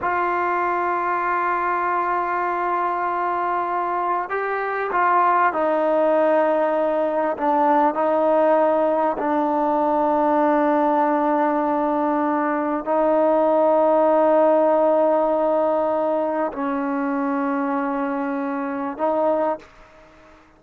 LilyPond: \new Staff \with { instrumentName = "trombone" } { \time 4/4 \tempo 4 = 98 f'1~ | f'2. g'4 | f'4 dis'2. | d'4 dis'2 d'4~ |
d'1~ | d'4 dis'2.~ | dis'2. cis'4~ | cis'2. dis'4 | }